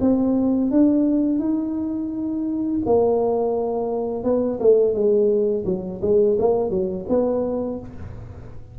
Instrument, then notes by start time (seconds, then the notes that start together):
tuba
0.00 C4
0.71 D4
1.39 D#4
2.85 A#3
4.23 B3
4.59 A3
4.93 G#3
5.65 F#3
6.01 G#3
6.39 A#3
6.70 F#3
7.08 B3